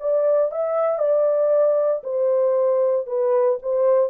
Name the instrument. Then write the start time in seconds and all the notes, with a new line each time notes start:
horn
0.00 D5
0.52 E5
0.99 D5
2.04 C5
3.07 B4
3.62 C5